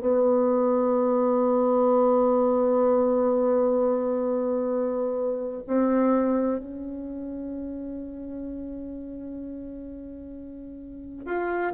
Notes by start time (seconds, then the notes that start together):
0.00 B3
5.67 C4
6.59 C#4
11.25 F4